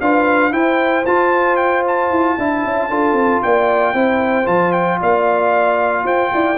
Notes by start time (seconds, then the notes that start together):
0.00 D4 F4 B4 F5
0.52 E4 C5 G5
1.06 F4 A5
1.56 G5
1.87 A5
2.11 E4
2.38 D4 E4 E5
2.65 C#4
2.90 D4 F4 A4
3.12 C4
3.43 A#3 D5 G5
3.94 C4 E4 C5
4.45 F3 F4 A5
4.72 G5
5.00 A#3 D5 F5
6.03 F4 C5 G5
6.33 E4 D5